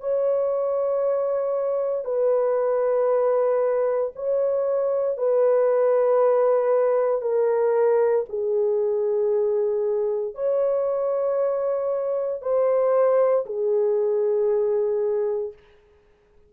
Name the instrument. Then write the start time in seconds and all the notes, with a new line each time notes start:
horn
0.00 C#5
2.05 B4
4.15 C#5
5.17 B4
7.21 A#4
8.29 G#4
10.34 C#5
12.41 C5
13.46 G#4